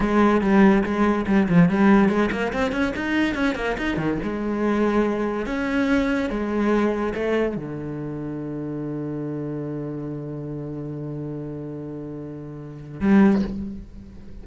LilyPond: \new Staff \with { instrumentName = "cello" } { \time 4/4 \tempo 4 = 143 gis4 g4 gis4 g8 f8 | g4 gis8 ais8 c'8 cis'8 dis'4 | cis'8 ais8 dis'8 dis8 gis2~ | gis4 cis'2 gis4~ |
gis4 a4 d2~ | d1~ | d1~ | d2. g4 | }